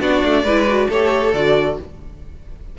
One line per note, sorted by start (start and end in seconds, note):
0.00 0.22 B3
0.00 0.44 D4
0.00 0.43 F#4
0.00 0.89 D5
0.24 0.44 A3
0.43 0.88 G#3
0.43 0.68 E4
0.43 0.88 B4
0.68 0.90 F#4
0.89 1.33 A3
0.89 1.34 G4
0.89 1.77 A4
0.89 1.33 C#5
1.33 1.77 D3
1.33 1.78 F#4
1.33 1.77 D5